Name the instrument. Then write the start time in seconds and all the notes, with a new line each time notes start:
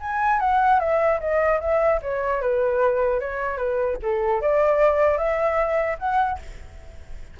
flute
0.00 G#5
0.39 F#5
0.79 E5
1.20 D#5
1.60 E5
2.02 C#5
2.41 B4
3.20 C#5
3.57 B4
4.02 A4
4.41 D5
5.17 E5
5.99 F#5